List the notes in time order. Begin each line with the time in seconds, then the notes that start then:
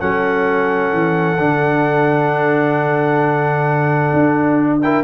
0.00 F#3 C#4 A4 F#5
0.93 E3
1.38 D3 D4
4.13 D4
4.82 E4 A#4 G5